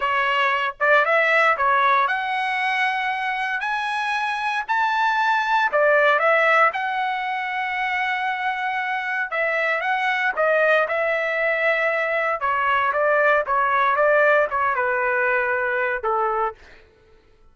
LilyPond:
\new Staff \with { instrumentName = "trumpet" } { \time 4/4 \tempo 4 = 116 cis''4. d''8 e''4 cis''4 | fis''2. gis''4~ | gis''4 a''2 d''4 | e''4 fis''2.~ |
fis''2 e''4 fis''4 | dis''4 e''2. | cis''4 d''4 cis''4 d''4 | cis''8 b'2~ b'8 a'4 | }